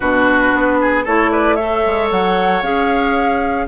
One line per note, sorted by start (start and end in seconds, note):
0.00 0.53 B2
0.00 1.06 D4
0.00 0.78 F#4
0.00 1.03 B4
0.54 1.06 B3
0.81 1.04 G#4
1.04 1.85 A3
1.04 1.58 E4
1.04 1.30 A4
1.04 1.30 C#5
1.30 1.55 B4
1.30 1.55 D5
1.55 2.63 A4
1.55 3.66 C#5
1.55 2.08 E5
1.85 2.11 G#3
2.11 2.62 F#3
2.11 2.62 F#5
2.62 3.67 C#4
2.62 3.67 G#4
2.62 3.67 F5